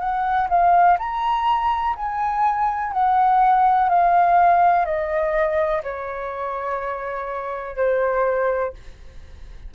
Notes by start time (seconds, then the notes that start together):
0.00 F#5
0.50 F5
0.99 A#5
1.96 G#5
2.93 F#5
3.90 F5
4.86 D#5
5.84 C#5
7.77 C5